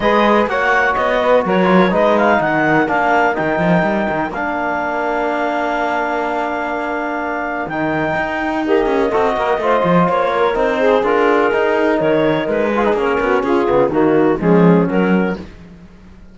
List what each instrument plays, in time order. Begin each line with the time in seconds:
0.00 cello G#3, trombone G#4, saxophone B4, clarinet D#5
0.47 cello A#3, trombone F#4, saxophone C#5, clarinet F#5
0.94 cello B3, clarinet D#5
1.19 saxophone B4
1.45 cello F#3, saxophone A#4, clarinet C#5
1.64 trombone F4
1.90 cello G#3, trombone D#4, saxophone B4, clarinet D#5
2.18 clarinet F5
2.38 cello D#3, saxophone A#4, clarinet F#5
2.87 cello A#3, trombone D4, clarinet F5
3.34 cello D#3, trombone D#4, clarinet G5
3.58 cello F3
3.82 cello G3
4.09 cello D#3
4.29 cello A#3, trombone D4, clarinet F5
7.67 cello D#3, trombone D#4, clarinet G5
8.16 cello D#4
8.65 trombone A#3, saxophone G4, clarinet D#5
8.86 cello C#4
9.08 trombone F#4, saxophone A4
9.14 cello C4
9.36 cello A#3, saxophone A#4
9.57 cello A3, trombone F4, saxophone C5
9.84 cello F3
10.09 cello A#3, clarinet C#5
10.32 saxophone A#4
10.54 cello C4, trombone D#4, clarinet C5
10.79 saxophone G#4
11.03 cello D4, trombone F4, clarinet A#4
11.52 trombone D#4, cello D#4
11.98 cello D#3, saxophone A#4, clarinet C#5
12.47 cello G#3, clarinet B4
12.72 trombone F4, saxophone G#4
12.85 trombone D#4
12.93 cello A#3, trombone C#4, clarinet A#4
13.20 cello B3, saxophone F#4
13.42 cello C#4, saxophone F4, clarinet G#4
13.66 cello C#3, trombone B3
13.88 cello D#3, trombone A#3, saxophone D#4, clarinet F#4
14.38 cello F3, trombone G#3, saxophone C#4, clarinet G#4
14.88 cello F#3, trombone F#3, clarinet A#4